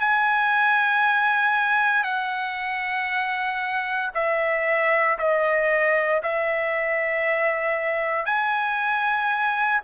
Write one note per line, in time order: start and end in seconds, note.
0.00 2.04 G#5
2.04 4.11 F#5
4.14 5.18 E5
5.18 6.22 D#5
6.23 8.25 E5
8.25 9.80 G#5